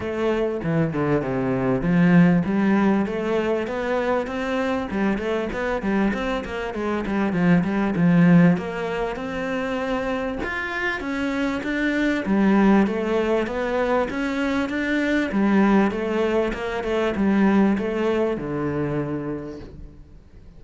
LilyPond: \new Staff \with { instrumentName = "cello" } { \time 4/4 \tempo 4 = 98 a4 e8 d8 c4 f4 | g4 a4 b4 c'4 | g8 a8 b8 g8 c'8 ais8 gis8 g8 | f8 g8 f4 ais4 c'4~ |
c'4 f'4 cis'4 d'4 | g4 a4 b4 cis'4 | d'4 g4 a4 ais8 a8 | g4 a4 d2 | }